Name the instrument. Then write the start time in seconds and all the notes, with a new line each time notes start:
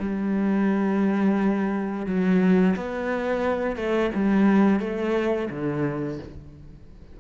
cello
0.00 G3
2.07 F#3
2.77 B3
3.76 A3
4.15 G3
4.81 A3
5.50 D3